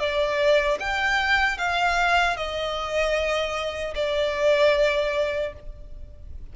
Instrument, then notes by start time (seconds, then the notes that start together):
violin
0.00 D5
0.80 G5
1.58 F5
2.37 D#5
3.95 D5